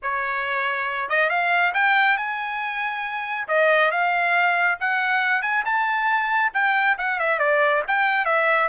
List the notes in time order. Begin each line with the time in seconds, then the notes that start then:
0.02 C#5
1.09 D#5
1.29 F5
1.74 G5
2.17 G#5
3.48 D#5
3.91 F5
4.80 F#5
5.42 G#5
5.65 A5
6.53 G5
6.98 F#5
7.19 E5
7.39 D5
7.87 G5
8.25 E5